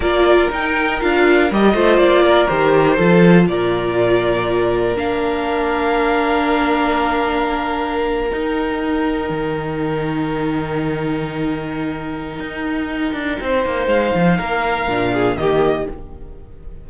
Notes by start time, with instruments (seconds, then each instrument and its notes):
0.00 cello A#3, viola F4, violin A#4 D5
0.51 cello D#4, viola D#4, violin G5
1.00 cello D4, viola F4, violin F5
1.51 cello G3, viola G4, violin D#5
1.74 cello A3, viola F4, violin C5
1.97 cello A#3, violin D5
2.23 violin A#4
2.47 cello D#3, viola G4, violin C5
2.96 cello F3, viola F4, violin A4
3.48 cello A#2, violin A#4 D5
4.95 cello A#3, viola D4, violin F5
8.30 viola D#4, cello D#4, violin G5
9.29 cello D#3
12.39 cello D#4
13.13 cello D4
13.40 cello C4, violin C5
13.65 cello A#3
13.87 cello G#3, violin F5
14.15 cello F3
14.37 cello A#3, violin A#4
14.87 cello A#2, viola D4
15.13 violin G#4
15.36 cello D#3, viola A#3, violin G4 D#5